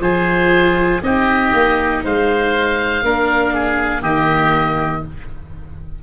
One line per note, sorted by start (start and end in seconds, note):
0.00 1.00 F3
0.00 1.01 F4
0.00 1.02 G#4
0.00 1.01 C5
1.02 1.52 C4
1.02 3.03 D#4
1.02 2.04 G4
1.02 2.03 D#5
1.53 2.03 A#3
2.04 3.02 G#3
2.04 3.04 C5
2.04 4.03 F5
3.02 4.02 A#3
3.02 4.03 D4
3.02 3.54 A#4
3.54 4.02 G#4
4.02 5.02 D#3
4.02 5.03 A#3
4.02 5.02 G4
4.02 5.03 D#5